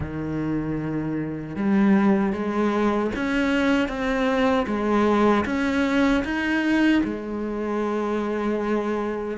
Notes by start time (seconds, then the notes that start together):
0.00 D#3
1.55 G3
2.32 G#3
3.15 C#4
3.88 C4
4.66 G#3
5.45 C#4
6.24 D#4
7.03 G#3